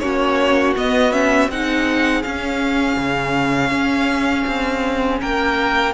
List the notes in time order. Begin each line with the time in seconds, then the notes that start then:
0.00 A#3 C#4 F#4 C#5
0.77 B3 D#5
1.12 C#4 E5
1.49 C4 D#4 G#4 F#5
2.23 C#4 F5
2.97 C#3
3.71 C#4
4.47 C4
5.21 A#3 A#4 G5